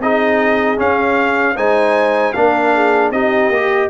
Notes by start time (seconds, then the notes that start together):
0.00 C4 D#4 G#4 D#5
0.77 C#4 F5
1.56 G#3 D#4 C5 G#5
2.33 A#3 D4 A#4 F5
2.75 G#4
3.11 C4 D#4 G4 D#5
3.50 A#3 G4